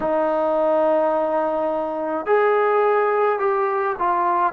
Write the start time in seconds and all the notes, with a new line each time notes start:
0.00 D#4
2.26 G#4
3.39 G4
3.98 F4